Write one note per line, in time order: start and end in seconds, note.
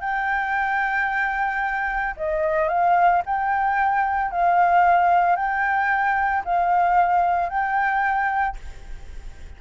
0.00 2.14 G5
2.16 2.68 D#5
2.68 3.22 F5
3.25 4.31 G5
4.31 5.36 F5
5.36 6.43 G5
6.44 7.49 F5
7.49 8.56 G5